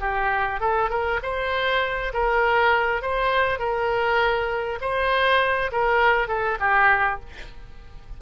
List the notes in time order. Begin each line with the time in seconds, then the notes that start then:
0.00 G4
0.60 A4
0.90 A#4
1.22 C5
2.13 A#4
3.02 C5
3.59 A#4
4.81 C5
5.72 A#4
6.28 A4
6.60 G4